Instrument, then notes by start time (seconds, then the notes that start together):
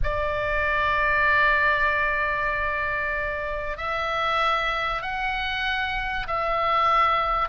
oboe
0.03 D5
3.77 E5
5.02 F#5
6.27 E5